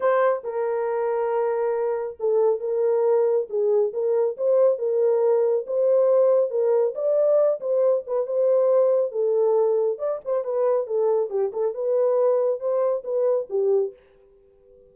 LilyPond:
\new Staff \with { instrumentName = "horn" } { \time 4/4 \tempo 4 = 138 c''4 ais'2.~ | ais'4 a'4 ais'2 | gis'4 ais'4 c''4 ais'4~ | ais'4 c''2 ais'4 |
d''4. c''4 b'8 c''4~ | c''4 a'2 d''8 c''8 | b'4 a'4 g'8 a'8 b'4~ | b'4 c''4 b'4 g'4 | }